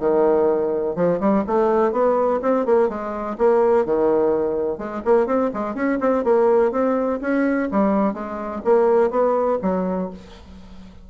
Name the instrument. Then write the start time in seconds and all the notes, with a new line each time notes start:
bassoon
0.00 D#3
0.96 F3
1.20 G3
1.47 A3
1.92 B3
2.42 C4
2.66 A#3
2.89 G#3
3.38 A#3
3.86 D#3
4.78 G#3
5.05 A#3
5.27 C4
5.54 G#3
5.75 C#4
6.01 C4
6.24 A#3
6.72 C4
7.22 C#4
7.71 G3
8.14 G#3
8.65 A#3
9.11 B3
9.62 F#3